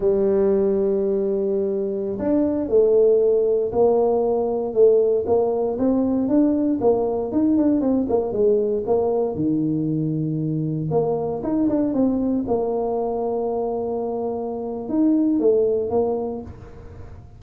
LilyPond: \new Staff \with { instrumentName = "tuba" } { \time 4/4 \tempo 4 = 117 g1~ | g16 d'4 a2 ais8.~ | ais4~ ais16 a4 ais4 c'8.~ | c'16 d'4 ais4 dis'8 d'8 c'8 ais16~ |
ais16 gis4 ais4 dis4.~ dis16~ | dis4~ dis16 ais4 dis'8 d'8 c'8.~ | c'16 ais2.~ ais8.~ | ais4 dis'4 a4 ais4 | }